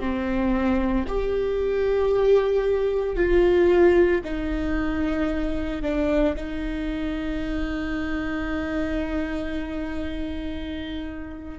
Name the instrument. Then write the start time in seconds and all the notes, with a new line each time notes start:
viola
0.00 C4
1.08 G4
3.16 F4
4.24 D#4
5.82 D4
6.36 D#4